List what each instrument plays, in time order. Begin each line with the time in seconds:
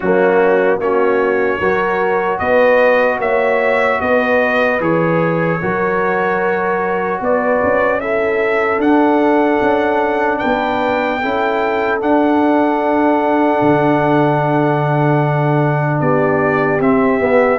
0.00 tuba F#3, trombone A#3, horn C#4, trumpet F#4
0.79 tuba A#3, trombone C#4, horn F#4, trumpet C#5
1.58 tuba F#3, trombone F#4, horn A#4
2.39 tuba B3, horn B4, trumpet D#5
3.19 tuba A#3, horn C#5, trumpet E5
4.00 tuba B3, horn B4, trumpet D#5
4.80 tuba E3, trombone G#4, trumpet C#5
5.60 tuba F#3, trombone F#4, horn A#4
7.21 tuba B3, horn B4, trumpet D5
7.62 tuba C#4
8.00 trombone E4, horn A4, trumpet E5
8.78 tuba D4, trombone D4, trumpet F#5
9.61 tuba C#4
10.38 tuba B3, horn B4, trumpet G5
11.21 tuba C#4, trombone E4, horn A4
12.00 trombone D4, tuba D4, trumpet F#5
13.61 tuba D3
16.00 tuba B3, horn G4, trumpet D5
16.80 tuba C4, trombone C4, trumpet E5
17.19 trombone B3, tuba B3